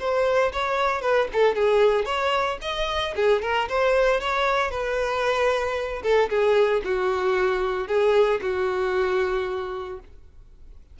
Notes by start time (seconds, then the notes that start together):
0.00 C5
0.53 C#5
1.02 B4
1.33 A4
1.56 G#4
2.06 C#5
2.62 D#5
3.16 G#4
3.43 A#4
3.69 C5
4.21 C#5
4.71 B4
6.03 A4
6.30 G#4
6.85 F#4
7.88 G#4
8.42 F#4